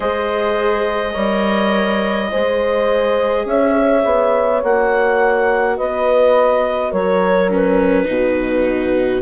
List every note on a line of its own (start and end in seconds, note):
0.00 1.14 G#3
0.00 1.13 G#4
0.00 1.13 C5
0.00 3.46 D#5
1.13 2.31 G3
1.13 2.28 A#4
1.13 2.29 C#5
2.31 3.45 G#3
2.31 4.62 G#4
2.31 3.46 C5
3.45 4.02 C#4
3.45 5.76 C#5
3.45 4.62 E5
4.04 4.62 B3
4.62 5.78 A#3
4.62 7.49 F#4
4.62 5.77 F#5
5.76 6.92 B3
5.76 6.91 B4
5.76 6.92 D#5
6.91 8.07 F#3
6.91 8.06 A#4
6.91 7.49 C#5
7.49 8.05 C#4
7.49 9.21 B4
8.05 9.21 B2
8.05 9.20 D#4
8.05 9.21 F#4